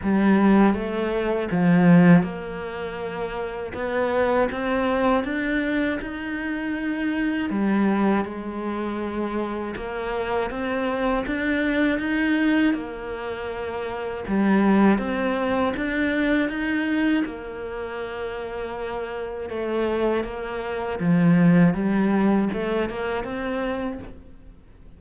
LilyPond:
\new Staff \with { instrumentName = "cello" } { \time 4/4 \tempo 4 = 80 g4 a4 f4 ais4~ | ais4 b4 c'4 d'4 | dis'2 g4 gis4~ | gis4 ais4 c'4 d'4 |
dis'4 ais2 g4 | c'4 d'4 dis'4 ais4~ | ais2 a4 ais4 | f4 g4 a8 ais8 c'4 | }